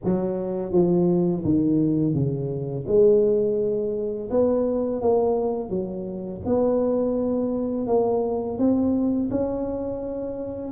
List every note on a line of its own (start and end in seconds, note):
0.04 0.72 F#3
0.72 1.43 F3
1.44 2.14 D#3
2.14 2.85 C#3
2.87 4.30 G#3
4.30 5.01 B3
5.01 5.69 A#3
5.69 6.41 F#3
6.45 7.86 B3
7.86 8.58 A#3
8.58 9.29 C4
9.30 10.71 C#4